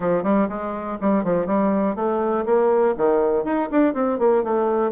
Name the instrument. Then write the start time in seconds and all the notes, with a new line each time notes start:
bassoon
0.00 F3
0.23 G3
0.49 G#3
1.00 G3
1.24 F3
1.46 G3
1.95 A3
2.45 A#3
2.97 D#3
3.44 D#4
3.71 D4
3.94 C4
4.18 A#3
4.43 A3